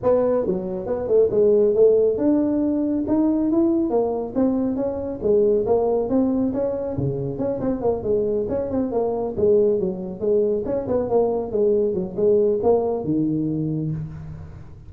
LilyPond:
\new Staff \with { instrumentName = "tuba" } { \time 4/4 \tempo 4 = 138 b4 fis4 b8 a8 gis4 | a4 d'2 dis'4 | e'4 ais4 c'4 cis'4 | gis4 ais4 c'4 cis'4 |
cis4 cis'8 c'8 ais8 gis4 cis'8 | c'8 ais4 gis4 fis4 gis8~ | gis8 cis'8 b8 ais4 gis4 fis8 | gis4 ais4 dis2 | }